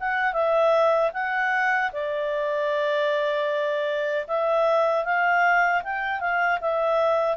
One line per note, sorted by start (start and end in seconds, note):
0.00 0.33 F#5
0.33 1.11 E5
1.14 1.92 F#5
1.93 4.27 D5
4.28 5.05 E5
5.05 5.83 F5
5.84 6.21 G5
6.21 6.60 F5
6.61 7.37 E5